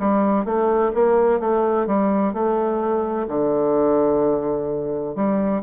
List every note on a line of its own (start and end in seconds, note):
0.00 0.45 G3
0.45 0.92 A3
0.95 1.40 A#3
1.40 1.87 A3
1.87 2.34 G3
2.34 3.27 A3
3.28 5.16 D3
5.16 5.62 G3